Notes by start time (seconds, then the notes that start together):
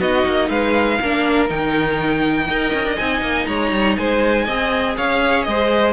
0.00 B3 D#4 F#4 D#5
0.26 A#3
0.49 G#3 B4 F5
0.99 A#3 D4 A#4
1.49 D#3 D#4 G5
2.48 D#4 A#4 D#5
2.74 C#4
2.85 D4
2.96 C4 D#4 G#5
3.21 A#3
3.46 G#3 C#5 A#5
3.72 G3
3.97 G#3 C5 G#5
4.45 C4 G#4 D#5
4.97 C#4 C#5 F5
5.43 G#3 D#5
5.50 C5